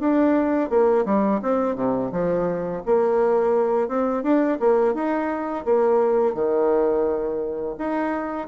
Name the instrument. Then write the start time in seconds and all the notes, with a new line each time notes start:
bassoon
0.00 D4
0.70 A#3
1.06 G3
1.43 C4
1.76 C3
2.12 F3
2.87 A#3
3.89 C4
4.23 D4
4.60 A#3
4.95 D#4
5.65 A#3
6.34 D#3
7.79 D#4